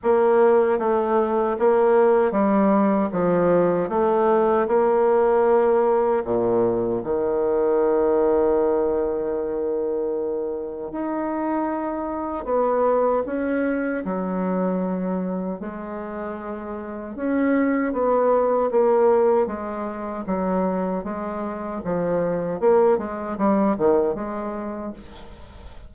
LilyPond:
\new Staff \with { instrumentName = "bassoon" } { \time 4/4 \tempo 4 = 77 ais4 a4 ais4 g4 | f4 a4 ais2 | ais,4 dis2.~ | dis2 dis'2 |
b4 cis'4 fis2 | gis2 cis'4 b4 | ais4 gis4 fis4 gis4 | f4 ais8 gis8 g8 dis8 gis4 | }